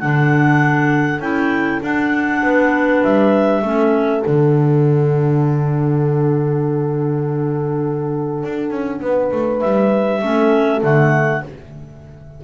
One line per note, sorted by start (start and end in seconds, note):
0.00 1.20 D3
0.00 1.21 D4
0.00 2.43 A4
0.00 1.20 F#5
1.20 1.80 C#4
1.20 1.81 E4
1.20 1.80 G5
1.82 2.42 D4
1.82 3.62 D4
1.82 3.04 F#5
2.43 3.03 B3
2.43 3.63 B4
3.04 3.62 G3
3.04 4.24 E5
3.62 4.22 A3
3.62 4.21 C#4
3.62 9.02 A4
4.21 8.44 D3
4.21 10.21 D4
4.21 9.61 F#5
8.44 8.70 D4
8.70 9.00 C#4
9.01 9.31 B3
9.01 10.22 B4
9.32 9.62 A3
9.61 10.22 G3
9.61 10.81 E5
10.22 10.82 A3
10.22 10.82 C#4
10.22 11.43 A4
10.82 11.43 D3
10.82 11.42 A3
10.82 11.44 F#5